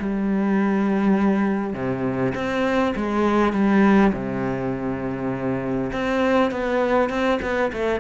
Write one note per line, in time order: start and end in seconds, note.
0.00 1.74 G3
1.74 2.34 C3
2.35 2.95 C4
2.97 3.53 G#3
3.53 4.13 G3
4.13 5.92 C3
5.93 6.52 C4
6.52 7.10 B3
7.10 7.40 C4
7.43 7.72 B3
7.73 8.01 A3